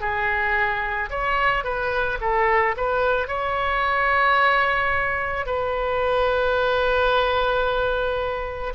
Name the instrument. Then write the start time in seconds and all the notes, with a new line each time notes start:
oboe
0.00 G#4
1.10 C#5
1.64 B4
2.20 A4
2.76 B4
3.27 C#5
5.45 B4